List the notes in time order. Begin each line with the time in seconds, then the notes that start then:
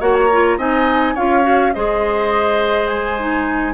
0.00 A#3 F#4 C#5 F#5
0.14 A#5
0.32 F4
0.57 C4 D#4 D#5 G#5
1.14 C#4 F4 C#5 F5
1.43 F#4
1.73 G#3 G#4 C5 D#5
2.87 G#5
3.19 D#4